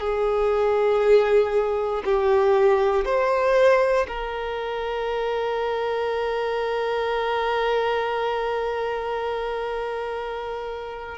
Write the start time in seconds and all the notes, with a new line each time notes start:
0.00 G#4
2.05 G4
3.05 C5
4.08 A#4